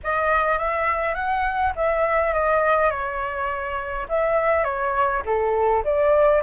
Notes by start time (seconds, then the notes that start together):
0.03 D#5
0.58 E5
1.14 F#5
1.75 E5
2.33 D#5
2.90 C#5
4.09 E5
4.64 C#5
5.25 A4
5.84 D5